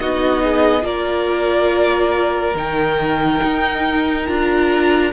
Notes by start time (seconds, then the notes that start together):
0.00 B3 D#4 F#4 D#5
0.43 G#4
0.82 A#3 F4 A#4 D5
2.54 D#3 D#4 G5
3.43 D#4
4.26 D4 F4 A#5